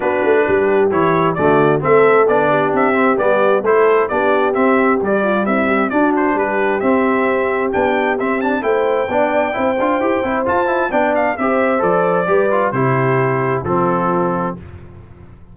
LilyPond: <<
  \new Staff \with { instrumentName = "trumpet" } { \time 4/4 \tempo 4 = 132 b'2 cis''4 d''4 | e''4 d''4 e''4 d''4 | c''4 d''4 e''4 d''4 | e''4 d''8 c''8 b'4 e''4~ |
e''4 g''4 e''8 a''8 g''4~ | g''2. a''4 | g''8 f''8 e''4 d''2 | c''2 a'2 | }
  \new Staff \with { instrumentName = "horn" } { \time 4/4 fis'4 g'2 fis'4 | a'4. g'2~ g'8 | a'4 g'2~ g'8 f'8 | e'8 g'8 fis'4 g'2~ |
g'2. c''4 | d''4 c''2. | d''4 c''2 b'4 | g'2 f'2 | }
  \new Staff \with { instrumentName = "trombone" } { \time 4/4 d'2 e'4 a4 | c'4 d'4. c'8 b4 | e'4 d'4 c'4 g4~ | g4 d'2 c'4~ |
c'4 d'4 c'8 d'8 e'4 | d'4 e'8 f'8 g'8 e'8 f'8 e'8 | d'4 g'4 a'4 g'8 f'8 | e'2 c'2 | }
  \new Staff \with { instrumentName = "tuba" } { \time 4/4 b8 a8 g4 e4 d4 | a4 b4 c'4 g4 | a4 b4 c'4 g4 | c'4 d'4 g4 c'4~ |
c'4 b4 c'4 a4 | b4 c'8 d'8 e'8 c'8 f'4 | b4 c'4 f4 g4 | c2 f2 | }
>>